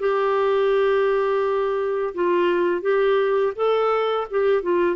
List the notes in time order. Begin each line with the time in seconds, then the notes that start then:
0.00 G4
2.15 F4
2.82 G4
3.56 A4
4.31 G4
4.63 F4